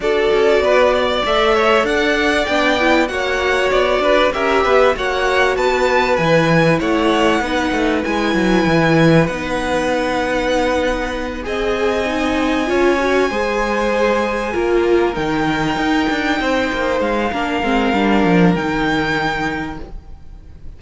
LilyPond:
<<
  \new Staff \with { instrumentName = "violin" } { \time 4/4 \tempo 4 = 97 d''2 e''4 fis''4 | g''4 fis''4 d''4 e''4 | fis''4 a''4 gis''4 fis''4~ | fis''4 gis''2 fis''4~ |
fis''2~ fis''8 gis''4.~ | gis''1~ | gis''8 g''2. f''8~ | f''2 g''2 | }
  \new Staff \with { instrumentName = "violin" } { \time 4/4 a'4 b'8 d''4 cis''8 d''4~ | d''4 cis''4. b'8 ais'8 b'8 | cis''4 b'2 cis''4 | b'1~ |
b'2~ b'8 dis''4.~ | dis''8 cis''4 c''2 ais'8~ | ais'2~ ais'8 c''4. | ais'1 | }
  \new Staff \with { instrumentName = "viola" } { \time 4/4 fis'2 a'2 | d'8 e'8 fis'2 g'4 | fis'2 e'2 | dis'4 e'2 dis'4~ |
dis'2~ dis'8 gis'4 dis'8~ | dis'8 f'8 fis'8 gis'2 f'8~ | f'8 dis'2.~ dis'8 | d'8 c'8 d'4 dis'2 | }
  \new Staff \with { instrumentName = "cello" } { \time 4/4 d'8 cis'8 b4 a4 d'4 | b4 ais4 b8 d'8 cis'8 b8 | ais4 b4 e4 a4 | b8 a8 gis8 fis8 e4 b4~ |
b2~ b8 c'4.~ | c'8 cis'4 gis2 ais8~ | ais8 dis4 dis'8 d'8 c'8 ais8 gis8 | ais8 gis8 g8 f8 dis2 | }
>>